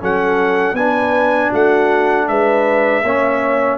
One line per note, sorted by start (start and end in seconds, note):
0.00 0.73 F#3
0.00 0.76 C#4
0.00 0.76 A4
0.00 0.75 F#5
0.73 1.49 B3
0.73 3.04 D4
0.73 1.50 B4
0.73 1.51 G#5
1.50 2.28 A3
1.50 2.25 F#4
1.50 2.28 F#5
2.28 3.03 G#3
2.28 3.04 B4
2.28 3.78 E5
3.03 3.78 A#3
3.03 3.78 C#4
3.03 3.78 C#5